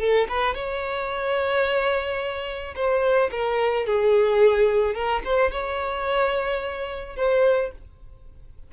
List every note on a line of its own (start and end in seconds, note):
0.00 0.28 A4
0.29 0.55 B4
0.55 2.75 C#5
2.75 3.31 C5
3.32 3.86 A#4
3.86 4.95 G#4
4.95 5.22 A#4
5.25 5.52 C5
5.52 7.17 C#5
7.17 7.72 C5